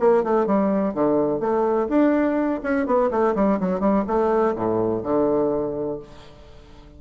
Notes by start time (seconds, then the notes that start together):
0.00 A#3
0.24 A3
0.47 G3
0.94 D3
1.40 A3
1.89 D4
2.64 C#4
2.87 B3
3.11 A3
3.36 G3
3.60 F#3
3.81 G3
4.07 A3
4.56 A2
5.04 D3